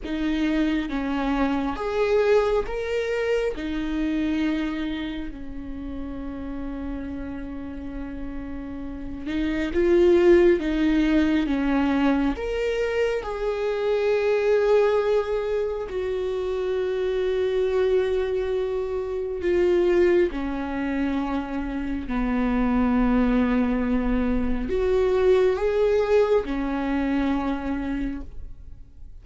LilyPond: \new Staff \with { instrumentName = "viola" } { \time 4/4 \tempo 4 = 68 dis'4 cis'4 gis'4 ais'4 | dis'2 cis'2~ | cis'2~ cis'8 dis'8 f'4 | dis'4 cis'4 ais'4 gis'4~ |
gis'2 fis'2~ | fis'2 f'4 cis'4~ | cis'4 b2. | fis'4 gis'4 cis'2 | }